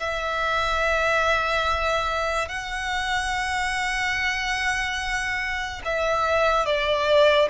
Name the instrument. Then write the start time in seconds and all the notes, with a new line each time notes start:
violin
0.00 E5
2.48 F#5
5.85 E5
6.66 D5